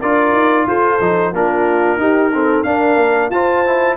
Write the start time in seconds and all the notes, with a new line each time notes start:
0.00 D4 F4 A#4 D5
0.33 D#4
0.66 F4 A4 C5
1.01 F3 D#4
1.33 A#3 D4 F4 A#4
1.97 D#4 G4
2.34 C4 A4
2.64 D4 A#4 F5
2.96 A#3
3.30 F4 C5 A5
3.66 E4